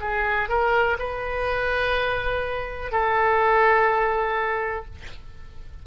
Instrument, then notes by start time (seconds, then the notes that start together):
oboe
0.00 G#4
0.48 A#4
0.98 B4
2.91 A4